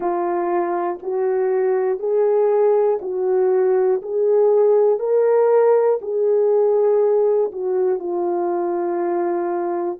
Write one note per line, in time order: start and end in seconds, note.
0.00 0.98 F4
1.02 1.99 F#4
1.99 2.99 G#4
3.01 4.01 F#4
4.01 4.99 G#4
4.99 5.99 A#4
6.01 7.51 G#4
7.52 7.99 F#4
7.99 9.99 F4